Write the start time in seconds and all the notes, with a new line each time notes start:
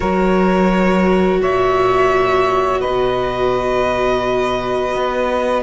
0.00 F#3 F#4 A#4 C#5
1.41 A#2 C#5 E5
2.80 B4 D#5
2.86 B2
4.95 B3